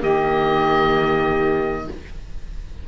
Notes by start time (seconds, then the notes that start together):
0.00 D#3 A#3 G4 D#5